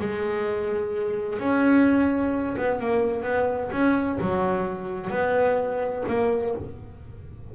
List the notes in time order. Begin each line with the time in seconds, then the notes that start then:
0.00 G#3
1.39 C#4
2.58 B3
2.80 A#3
3.23 B3
3.72 C#4
4.21 F#3
5.10 B3
6.08 A#3